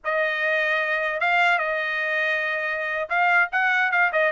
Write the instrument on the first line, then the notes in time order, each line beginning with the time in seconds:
trumpet
0.04 D#5
1.20 F5
1.58 D#5
3.09 F5
3.51 F#5
3.91 F5
4.12 D#5